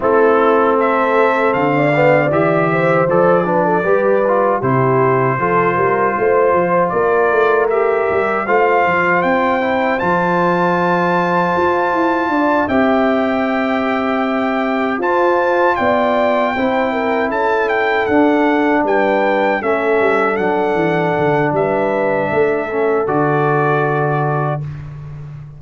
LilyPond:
<<
  \new Staff \with { instrumentName = "trumpet" } { \time 4/4 \tempo 4 = 78 a'4 e''4 f''4 e''4 | d''2 c''2~ | c''4 d''4 e''4 f''4 | g''4 a''2.~ |
a''8 g''2. a''8~ | a''8 g''2 a''8 g''8 fis''8~ | fis''8 g''4 e''4 fis''4. | e''2 d''2 | }
  \new Staff \with { instrumentName = "horn" } { \time 4/4 e'4 a'4~ a'16 d''4~ d''16 c''8~ | c''8 b'16 a'16 b'4 g'4 a'8 ais'8 | c''4 ais'2 c''4~ | c''1 |
d''8 e''2. c''8~ | c''8 d''4 c''8 ais'8 a'4.~ | a'8 b'4 a'2~ a'8 | b'4 a'2. | }
  \new Staff \with { instrumentName = "trombone" } { \time 4/4 c'2~ c'8 b8 g'4 | a'8 d'8 g'8 f'8 e'4 f'4~ | f'2 g'4 f'4~ | f'8 e'8 f'2.~ |
f'8 g'2. f'8~ | f'4. e'2 d'8~ | d'4. cis'4 d'4.~ | d'4. cis'8 fis'2 | }
  \new Staff \with { instrumentName = "tuba" } { \time 4/4 a2 d4 e4 | f4 g4 c4 f8 g8 | a8 f8 ais8 a4 g8 a8 f8 | c'4 f2 f'8 e'8 |
d'8 c'2. f'8~ | f'8 b4 c'4 cis'4 d'8~ | d'8 g4 a8 g8 fis8 e8 d8 | g4 a4 d2 | }
>>